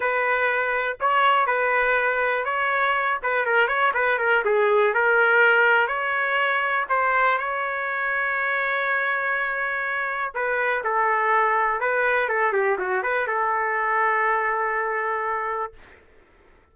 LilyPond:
\new Staff \with { instrumentName = "trumpet" } { \time 4/4 \tempo 4 = 122 b'2 cis''4 b'4~ | b'4 cis''4. b'8 ais'8 cis''8 | b'8 ais'8 gis'4 ais'2 | cis''2 c''4 cis''4~ |
cis''1~ | cis''4 b'4 a'2 | b'4 a'8 g'8 fis'8 b'8 a'4~ | a'1 | }